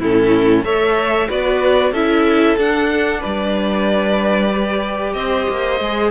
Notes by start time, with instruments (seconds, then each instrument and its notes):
0.00 cello A2, viola C#4, violin E4 A4
0.64 cello A3, viola A4, violin C#5 E5
1.28 cello B3, viola F#4, violin B4 D5
1.92 cello C#4, viola E4, violin A4 E5
2.58 viola D4, cello D4, violin F#5
3.20 cello G3, violin B4 D5
4.53 viola G4
5.14 cello C4, violin C5 D#5
5.50 cello A#3
5.81 cello G#3, viola G#4